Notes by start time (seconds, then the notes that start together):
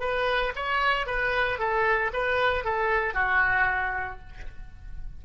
0.00 B4
0.56 C#5
1.06 B4
1.59 A4
2.13 B4
2.64 A4
3.14 F#4